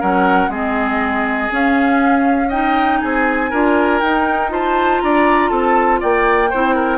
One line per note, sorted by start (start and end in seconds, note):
0.00 0.48 F#3
0.00 0.51 C#4
0.00 0.50 A#4
0.00 0.51 F#5
0.48 1.48 G#3
0.48 1.50 C4
0.48 2.49 G#4
0.48 1.51 D#5
1.50 2.50 C#4
1.50 3.02 C#4
1.50 2.51 F5
2.49 3.51 D#4
2.49 2.99 D#5
2.49 3.01 G5
3.01 3.52 C4
3.01 3.50 G#4
3.01 4.00 G#5
3.50 4.01 D4
3.50 4.02 F4
3.50 4.50 A#4
4.00 5.01 D#4
4.00 4.49 D#4
4.00 4.50 G5
4.49 6.49 F4
4.49 5.02 C5
4.49 5.01 A5
5.01 5.51 D4
5.01 5.50 D5
5.01 5.49 A#5
5.49 6.01 C4
5.49 6.00 A4
5.49 5.99 A5
6.00 6.53 A#3
6.00 6.50 D5
6.00 6.98 G5
6.50 6.98 C4
6.50 6.98 E4
6.50 6.75 C5
6.75 6.98 A#4